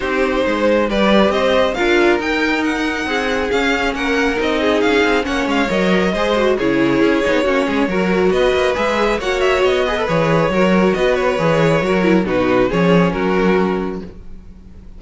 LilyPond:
<<
  \new Staff \with { instrumentName = "violin" } { \time 4/4 \tempo 4 = 137 c''2 d''4 dis''4 | f''4 g''4 fis''2 | f''4 fis''4 dis''4 f''4 | fis''8 f''8 dis''2 cis''4~ |
cis''2. dis''4 | e''4 fis''8 e''8 dis''4 cis''4~ | cis''4 dis''8 cis''2~ cis''8 | b'4 cis''4 ais'2 | }
  \new Staff \with { instrumentName = "violin" } { \time 4/4 g'4 c''4 b'4 c''4 | ais'2. gis'4~ | gis'4 ais'4. gis'4. | cis''2 c''4 gis'4~ |
gis'4 fis'8 gis'8 ais'4 b'4~ | b'4 cis''4. b'4. | ais'4 b'2 ais'4 | fis'4 gis'4 fis'2 | }
  \new Staff \with { instrumentName = "viola" } { \time 4/4 dis'2 g'2 | f'4 dis'2. | cis'2 dis'2 | cis'4 ais'4 gis'8 fis'8 e'4~ |
e'8 dis'8 cis'4 fis'2 | gis'4 fis'4. gis'16 a'16 gis'4 | fis'2 gis'4 fis'8 e'8 | dis'4 cis'2. | }
  \new Staff \with { instrumentName = "cello" } { \time 4/4 c'4 gis4 g4 c'4 | d'4 dis'2 c'4 | cis'4 ais4 c'4 cis'8 c'8 | ais8 gis8 fis4 gis4 cis4 |
cis'8 b8 ais8 gis8 fis4 b8 ais8 | gis4 ais4 b4 e4 | fis4 b4 e4 fis4 | b,4 f4 fis2 | }
>>